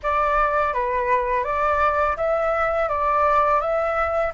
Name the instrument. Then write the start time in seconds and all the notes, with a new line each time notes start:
flute
0.02 D5
0.73 B4
1.44 D5
2.17 E5
2.88 D5
3.60 E5